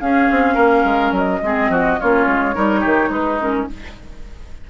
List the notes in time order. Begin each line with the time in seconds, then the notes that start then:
0.00 C#4 G#4 F5
0.30 C4
0.54 A#3 A#4
0.83 G#3
1.11 F#3 D#5
1.42 G#3 C4 G#4
1.69 F3 F#4
1.99 A#3 C#4 F4 C#5
2.26 G#3
2.54 G3 D#4 A#4
2.80 D#3 G4
3.09 G#3 D#4 B4
3.39 C#4 A#4